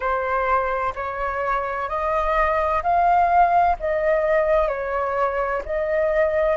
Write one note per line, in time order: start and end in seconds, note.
0.00 0.93 C5
0.95 1.88 C#5
1.88 2.82 D#5
2.83 3.76 F5
3.79 4.68 D#5
4.68 5.62 C#5
5.65 6.56 D#5